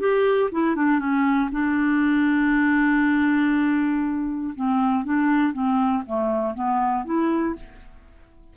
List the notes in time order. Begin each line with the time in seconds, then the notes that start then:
0.00 G4
0.52 E4
0.76 D4
1.00 C#4
1.52 D4
4.55 C4
5.05 D4
5.53 C4
6.06 A3
6.55 B3
7.05 E4